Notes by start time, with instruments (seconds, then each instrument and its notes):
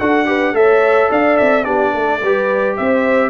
0.00 tuba D4, trombone F#4, horn A4, trumpet F#5
0.26 trombone G4, horn B4
0.53 tuba A3, trombone A4, horn C#5, trumpet E5
1.11 tuba D4, horn D5, trumpet F5
1.37 tuba C4, trumpet E5
1.65 tuba B3, trombone D4, horn G4, trumpet D5
1.94 tuba A3, horn A4
2.22 tuba G3, trombone G4, horn B4
2.77 tuba C4, horn C5, trumpet E5